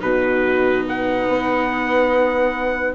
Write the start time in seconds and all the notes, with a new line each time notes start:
0.00 B2 D#4 F#4 B4
0.87 B4 F#5
1.28 B3